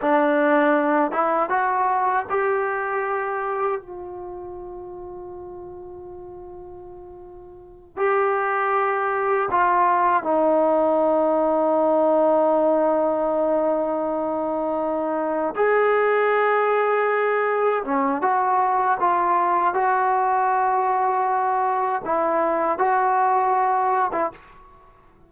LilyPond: \new Staff \with { instrumentName = "trombone" } { \time 4/4 \tempo 4 = 79 d'4. e'8 fis'4 g'4~ | g'4 f'2.~ | f'2~ f'8 g'4.~ | g'8 f'4 dis'2~ dis'8~ |
dis'1~ | dis'8 gis'2. cis'8 | fis'4 f'4 fis'2~ | fis'4 e'4 fis'4.~ fis'16 e'16 | }